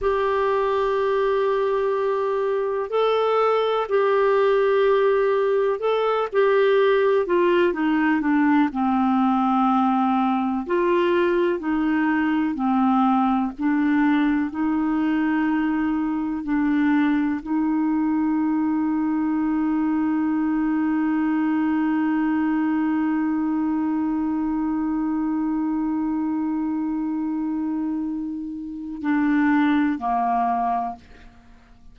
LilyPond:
\new Staff \with { instrumentName = "clarinet" } { \time 4/4 \tempo 4 = 62 g'2. a'4 | g'2 a'8 g'4 f'8 | dis'8 d'8 c'2 f'4 | dis'4 c'4 d'4 dis'4~ |
dis'4 d'4 dis'2~ | dis'1~ | dis'1~ | dis'2 d'4 ais4 | }